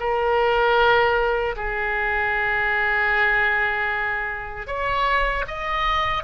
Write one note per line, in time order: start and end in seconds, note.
0.00 1.56 A#4
1.57 4.67 G#4
4.67 5.45 C#5
5.48 6.24 D#5